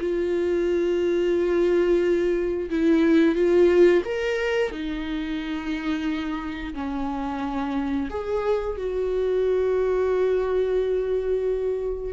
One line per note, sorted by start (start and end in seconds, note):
0.00 2.70 F4
2.70 3.35 E4
3.35 4.03 F4
4.04 4.71 A#4
4.71 6.74 D#4
6.74 8.09 C#4
8.10 8.77 G#4
8.77 12.13 F#4